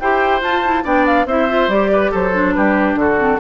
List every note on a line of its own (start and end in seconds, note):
0.00 0.42 E4
0.00 0.42 G4
0.00 0.84 C5
0.00 0.43 G5
0.42 0.84 F4
0.42 0.63 F4
0.42 0.86 A5
0.65 0.84 E4
0.84 1.26 B3
0.84 1.27 D4
0.84 1.27 D5
0.84 1.06 G5
1.06 1.28 F5
1.26 1.68 C4
1.26 1.49 E4
1.26 1.91 C5
1.26 1.70 E5
1.49 1.70 F4
1.68 2.11 G3
1.68 2.33 G4
1.68 2.13 D5
1.93 2.11 B4
2.11 2.57 F#3
2.11 2.54 A4
2.11 2.54 C5
2.33 3.18 D4
2.54 2.95 G3
2.54 3.00 G4
2.54 2.96 B4
2.95 3.38 D3
2.95 3.40 F#4
2.95 3.40 A4
3.18 3.39 C4